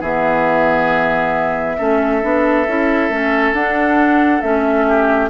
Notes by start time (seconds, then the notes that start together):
0.00 E3 B3 G#4 E5
1.78 A3 C#4 A4
2.22 B3 D4
2.67 C#4 E4
3.09 A3 C#4
3.52 D4 F#5
4.41 A3 C#4 E5
4.87 G4